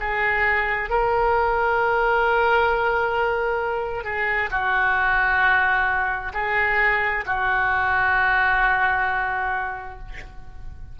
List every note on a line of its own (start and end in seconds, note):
0.00 0.90 G#4
0.90 4.04 A#4
4.04 4.50 G#4
4.51 6.33 F#4
6.33 7.24 G#4
7.26 9.99 F#4